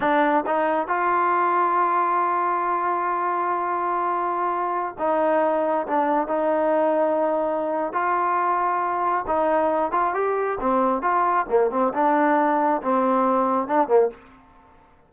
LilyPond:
\new Staff \with { instrumentName = "trombone" } { \time 4/4 \tempo 4 = 136 d'4 dis'4 f'2~ | f'1~ | f'2.~ f'16 dis'8.~ | dis'4~ dis'16 d'4 dis'4.~ dis'16~ |
dis'2 f'2~ | f'4 dis'4. f'8 g'4 | c'4 f'4 ais8 c'8 d'4~ | d'4 c'2 d'8 ais8 | }